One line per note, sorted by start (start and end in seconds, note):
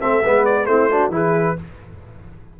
0.00 0.25 A3
0.00 0.22 C4
0.00 0.22 A4
0.00 0.45 E5
0.24 0.66 G#3
0.24 0.67 B3
0.24 0.68 B4
0.45 0.65 D5
0.65 1.09 A3
0.65 0.90 C4
0.65 0.90 E4
0.65 1.10 C5
0.90 1.11 D4
0.90 1.12 F#4
1.09 1.53 E3
1.09 1.56 E4
1.09 1.57 G#4
1.15 1.60 B4